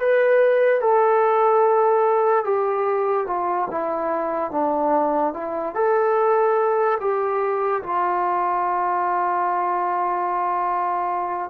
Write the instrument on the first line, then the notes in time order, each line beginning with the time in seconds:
trombone
0.00 B4
0.81 A4
2.45 G4
3.27 F4
3.71 E4
4.52 D4
5.34 E4
5.75 A4
7.01 G4
7.83 F4